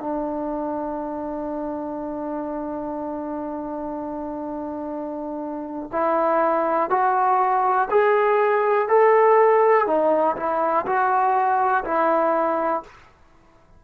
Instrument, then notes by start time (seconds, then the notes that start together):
trombone
0.00 D4
5.92 E4
6.90 F#4
7.90 G#4
8.88 A4
9.87 D#4
10.36 E4
10.86 F#4
11.84 E4